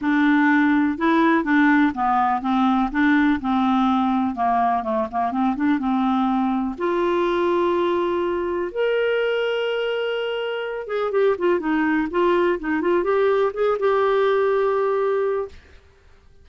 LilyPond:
\new Staff \with { instrumentName = "clarinet" } { \time 4/4 \tempo 4 = 124 d'2 e'4 d'4 | b4 c'4 d'4 c'4~ | c'4 ais4 a8 ais8 c'8 d'8 | c'2 f'2~ |
f'2 ais'2~ | ais'2~ ais'8 gis'8 g'8 f'8 | dis'4 f'4 dis'8 f'8 g'4 | gis'8 g'2.~ g'8 | }